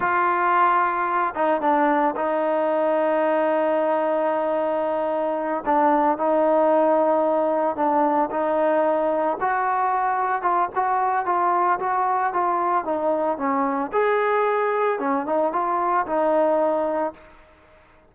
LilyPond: \new Staff \with { instrumentName = "trombone" } { \time 4/4 \tempo 4 = 112 f'2~ f'8 dis'8 d'4 | dis'1~ | dis'2~ dis'8 d'4 dis'8~ | dis'2~ dis'8 d'4 dis'8~ |
dis'4. fis'2 f'8 | fis'4 f'4 fis'4 f'4 | dis'4 cis'4 gis'2 | cis'8 dis'8 f'4 dis'2 | }